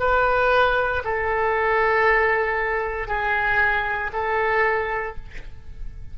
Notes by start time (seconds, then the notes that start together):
0.00 B4
1.05 A4
3.08 G#4
4.13 A4